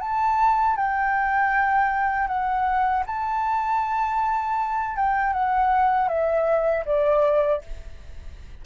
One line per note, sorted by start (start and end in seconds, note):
0.00 0.76 A5
0.76 2.27 G5
2.27 3.03 F#5
3.06 4.96 A5
4.96 5.33 G5
5.33 6.08 F#5
6.08 6.84 E5
6.85 7.61 D5